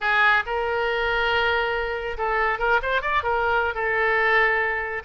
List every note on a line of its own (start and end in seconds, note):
0.00 0.43 G#4
0.46 2.17 A#4
2.17 2.59 A4
2.59 2.80 A#4
2.82 3.01 C5
3.01 3.23 D5
3.23 3.74 A#4
3.74 5.03 A4